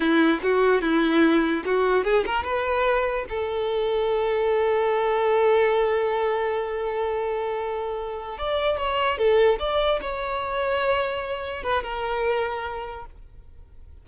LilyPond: \new Staff \with { instrumentName = "violin" } { \time 4/4 \tempo 4 = 147 e'4 fis'4 e'2 | fis'4 gis'8 ais'8 b'2 | a'1~ | a'1~ |
a'1~ | a'8 d''4 cis''4 a'4 d''8~ | d''8 cis''2.~ cis''8~ | cis''8 b'8 ais'2. | }